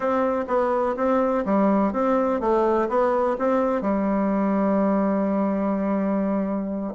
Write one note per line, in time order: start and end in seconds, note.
0.00 0.45 C4
0.47 0.95 B3
0.96 1.44 C4
1.45 1.92 G3
1.92 2.40 C4
2.40 2.88 A3
2.88 3.36 B3
3.38 3.81 C4
3.81 6.93 G3